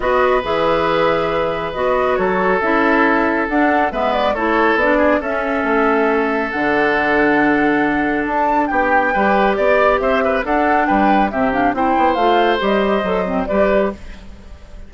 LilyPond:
<<
  \new Staff \with { instrumentName = "flute" } { \time 4/4 \tempo 4 = 138 dis''4 e''2. | dis''4 cis''4 e''2 | fis''4 e''8 d''8 cis''4 d''4 | e''2. fis''4~ |
fis''2. a''4 | g''2 d''4 e''4 | fis''4 g''4 e''8 f''8 g''4 | f''4 dis''2 d''4 | }
  \new Staff \with { instrumentName = "oboe" } { \time 4/4 b'1~ | b'4 a'2.~ | a'4 b'4 a'4. gis'8 | a'1~ |
a'1 | g'4 b'4 d''4 c''8 b'8 | a'4 b'4 g'4 c''4~ | c''2. b'4 | }
  \new Staff \with { instrumentName = "clarinet" } { \time 4/4 fis'4 gis'2. | fis'2 e'2 | d'4 b4 e'4 d'4 | cis'2. d'4~ |
d'1~ | d'4 g'2. | d'2 c'8 d'8 e'4 | f'4 g'4 a'8 c'8 g'4 | }
  \new Staff \with { instrumentName = "bassoon" } { \time 4/4 b4 e2. | b4 fis4 cis'2 | d'4 gis4 a4 b4 | cis'4 a2 d4~ |
d2. d'4 | b4 g4 b4 c'4 | d'4 g4 c4 c'8 b8 | a4 g4 fis4 g4 | }
>>